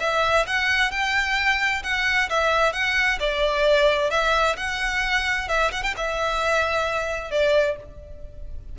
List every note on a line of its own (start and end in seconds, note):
0.00 0.46 E5
0.47 0.91 F#5
0.91 1.83 G5
1.83 2.29 F#5
2.30 2.73 E5
2.73 3.19 F#5
3.20 4.10 D5
4.10 4.56 E5
4.57 5.48 F#5
5.48 5.71 E5
5.72 5.83 F#5
5.83 5.94 G5
5.97 7.31 E5
7.31 7.76 D5